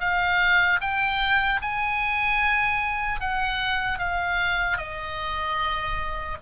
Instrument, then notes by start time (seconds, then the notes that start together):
oboe
0.00 F5
0.81 G5
1.61 G#5
3.20 F#5
3.99 F5
4.77 D#5